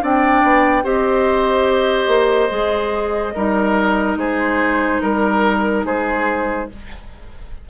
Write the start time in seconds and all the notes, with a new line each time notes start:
0.00 C4 D4 D5 G5
0.43 B3
0.84 C4 G4 C5 D#5
2.07 A#3
2.49 G#3 G#4
3.35 G3 D#4 A#4
4.16 G#3 G#4 C5
5.01 G3 A#4
5.85 G#3 G#4 C5